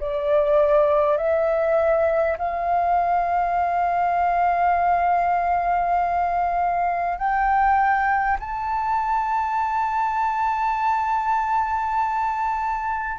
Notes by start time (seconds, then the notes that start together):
0.00 D5
1.17 E5
2.38 F5
7.18 G5
8.39 A5